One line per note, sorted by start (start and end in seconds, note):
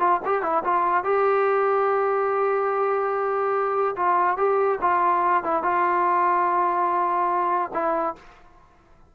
0.00 0.21 F4
0.26 0.43 G4
0.43 0.64 E4
0.64 1.04 F4
1.04 3.96 G4
3.96 4.37 F4
4.37 4.79 G4
4.82 5.44 F4
5.44 5.63 E4
5.63 7.72 F4
7.74 8.16 E4